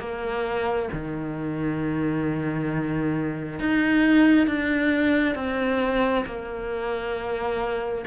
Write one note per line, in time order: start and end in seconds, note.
0.00 0.90 A#3
0.93 3.59 D#3
3.59 4.47 D#4
4.47 5.36 D4
5.36 6.25 C4
6.26 8.05 A#3